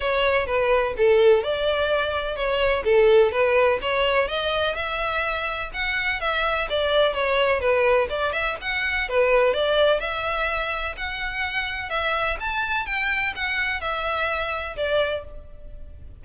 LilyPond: \new Staff \with { instrumentName = "violin" } { \time 4/4 \tempo 4 = 126 cis''4 b'4 a'4 d''4~ | d''4 cis''4 a'4 b'4 | cis''4 dis''4 e''2 | fis''4 e''4 d''4 cis''4 |
b'4 d''8 e''8 fis''4 b'4 | d''4 e''2 fis''4~ | fis''4 e''4 a''4 g''4 | fis''4 e''2 d''4 | }